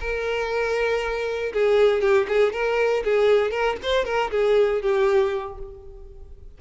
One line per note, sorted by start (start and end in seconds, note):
0.00 1.53 A#4
1.53 2.01 G#4
2.01 2.27 G4
2.28 2.52 G#4
2.52 3.03 A#4
3.04 3.51 G#4
3.51 3.76 A#4
3.82 4.05 C5
4.05 4.30 A#4
4.31 4.82 G#4
4.82 5.58 G4